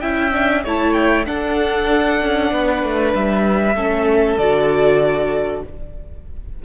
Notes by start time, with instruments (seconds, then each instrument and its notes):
0.00 cello C#4, viola E4, violin E5 G5
0.32 viola D4
0.64 cello A3, viola E4, violin C#5 A5
0.93 violin G5
1.26 viola D4, cello D4, violin A4 F#5
2.21 cello C#4
2.52 cello B3, violin B4
2.83 cello A3
3.15 cello G3, violin E5
3.75 cello A3, viola C#4, violin A4
4.38 cello D3, viola F#4, violin D5